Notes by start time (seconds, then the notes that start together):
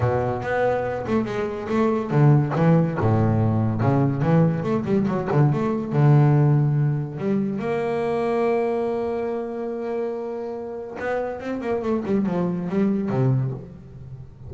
0.00 B2
0.42 B3
1.07 A3
1.25 G#3
1.68 A3
2.10 D3
2.55 E3
3.00 A2
3.80 C#3
4.22 E3
4.63 A3
4.85 G3
5.07 F#3
5.31 D3
5.52 A3
5.92 D3
7.18 G3
7.59 A#3
10.99 B3
11.40 C4
11.61 A#3
11.82 A3
12.05 G3
12.26 F3
12.69 G3
13.09 C3